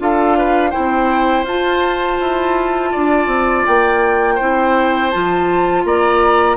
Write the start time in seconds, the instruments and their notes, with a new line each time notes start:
0.00 bassoon D4, clarinet F4, oboe A4, flute F5
0.38 oboe B4
0.70 clarinet E4, oboe C5, flute G5
0.77 bassoon C4
1.44 bassoon F4, clarinet F4, flute A5
2.20 bassoon E4
2.92 bassoon D4, oboe D5
3.27 bassoon C4
3.67 bassoon A#3, flute G5
4.35 bassoon C4, clarinet E4, oboe C5
5.11 bassoon F3, clarinet F4, flute A5
5.85 bassoon A#3, oboe D5, flute A#5